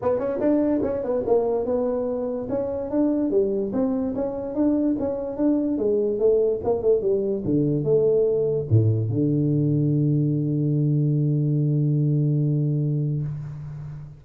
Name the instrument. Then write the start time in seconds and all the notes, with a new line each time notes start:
tuba
0.02 B3
0.19 C#4
0.39 D4
0.83 C#4
1.03 B3
1.26 A#3
1.65 B3
2.49 C#4
2.90 D4
3.30 G3
3.73 C4
4.15 C#4
4.54 D4
4.99 C#4
5.36 D4
5.77 G#3
6.19 A3
6.64 A#3
6.82 A3
7.01 G3
7.45 D3
7.84 A3
8.70 A2
9.09 D3